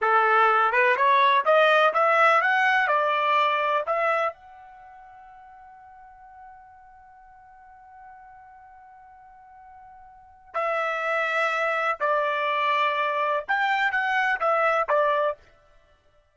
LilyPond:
\new Staff \with { instrumentName = "trumpet" } { \time 4/4 \tempo 4 = 125 a'4. b'8 cis''4 dis''4 | e''4 fis''4 d''2 | e''4 fis''2.~ | fis''1~ |
fis''1~ | fis''2 e''2~ | e''4 d''2. | g''4 fis''4 e''4 d''4 | }